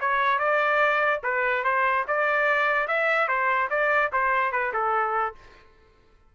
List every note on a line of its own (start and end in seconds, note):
0.00 0.38 C#5
0.38 1.21 D5
1.23 1.64 B4
1.64 2.05 C5
2.07 2.87 D5
2.87 3.27 E5
3.27 3.69 C5
3.70 4.11 D5
4.12 4.52 C5
4.52 4.72 B4
4.73 5.34 A4